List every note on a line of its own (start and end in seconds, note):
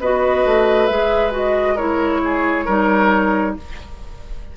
0.00 0.45 B3
0.00 0.89 F#4
0.00 1.75 B4
0.00 0.87 D#5
0.45 0.89 A3
0.87 2.67 G#3
0.87 1.31 G#4
0.87 1.31 E5
1.31 1.76 F#4
1.31 1.78 D#5
1.75 2.67 E4
1.75 2.20 A#4
1.75 3.57 C#5
2.24 2.65 G#4
2.65 3.57 G3
2.65 3.57 D#4
2.65 3.55 A#4